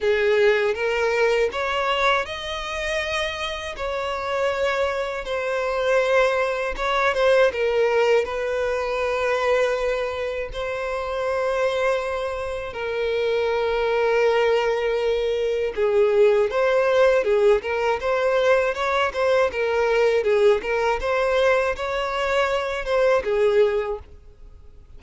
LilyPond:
\new Staff \with { instrumentName = "violin" } { \time 4/4 \tempo 4 = 80 gis'4 ais'4 cis''4 dis''4~ | dis''4 cis''2 c''4~ | c''4 cis''8 c''8 ais'4 b'4~ | b'2 c''2~ |
c''4 ais'2.~ | ais'4 gis'4 c''4 gis'8 ais'8 | c''4 cis''8 c''8 ais'4 gis'8 ais'8 | c''4 cis''4. c''8 gis'4 | }